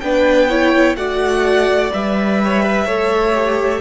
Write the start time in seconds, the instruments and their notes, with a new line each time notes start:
0.00 cello B3, viola D4, violin B4 G5
0.49 viola E4, violin C#5
0.95 cello A3, viola F#4, violin D5 F#5
1.91 cello G3, viola B4, violin E5
2.44 violin C#5
2.63 violin B4
2.85 cello A3, viola A4, violin C#5
3.34 viola G4